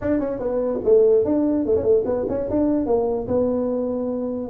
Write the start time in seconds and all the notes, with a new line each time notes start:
0.01 D4
0.19 C#4
0.39 B3
0.84 A3
1.25 D4
1.65 A3
1.75 C#4
1.83 A3
2.05 B3
2.28 C#4
2.50 D4
2.86 A#3
3.27 B3